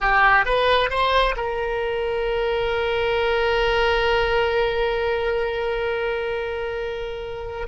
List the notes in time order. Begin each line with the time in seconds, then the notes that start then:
0.00 G4
0.45 B4
0.90 C5
1.36 A#4